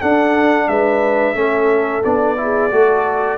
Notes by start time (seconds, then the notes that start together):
0.00 D4 A4 F#5
0.68 G#3 B4 E5
1.35 A3 C#4 A4
2.04 B3 D4 D5
2.37 E4 G#4
2.71 A3 F#4 A4